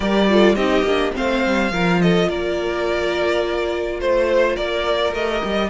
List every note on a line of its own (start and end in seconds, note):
0.00 0.55 G3
0.00 0.29 G4
0.00 0.28 A#4
0.00 0.55 D5
0.29 0.56 F4
0.29 0.56 A4
0.55 0.82 C4
0.55 0.85 D#4
0.55 1.13 G4
0.55 1.12 D#5
0.82 1.11 A#3
0.82 1.13 D4
1.13 1.45 A3
1.13 1.70 C4
1.13 1.72 C5
1.13 2.01 F5
1.45 1.71 G3
1.71 2.28 F3
1.71 5.15 F4
1.71 2.00 A#4
2.01 2.28 A4
2.01 2.28 D#5
2.28 4.00 A#3
2.28 4.00 A#4
2.28 4.00 D5
4.00 4.57 A3
4.00 4.54 C5
4.00 4.56 C5
4.54 5.13 A#3
4.54 5.69 A#4
4.54 5.13 D5
5.13 5.42 A3
5.13 5.70 G4
5.13 5.70 D#5
5.43 5.70 G3